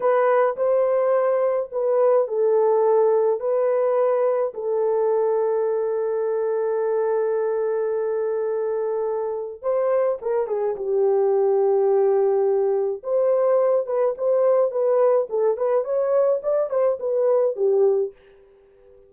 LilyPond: \new Staff \with { instrumentName = "horn" } { \time 4/4 \tempo 4 = 106 b'4 c''2 b'4 | a'2 b'2 | a'1~ | a'1~ |
a'4 c''4 ais'8 gis'8 g'4~ | g'2. c''4~ | c''8 b'8 c''4 b'4 a'8 b'8 | cis''4 d''8 c''8 b'4 g'4 | }